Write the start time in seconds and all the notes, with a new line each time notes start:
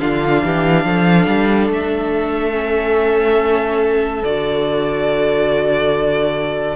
0.00 D3 D4 F4 F5
0.44 E3 G4
0.85 F3 A4
1.27 G3
1.69 A3 E5
2.52 C#4
4.23 D3 F#4 D5